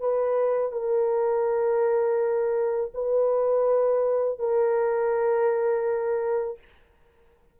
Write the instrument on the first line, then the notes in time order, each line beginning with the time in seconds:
horn
0.00 B4
0.72 A#4
2.94 B4
4.39 A#4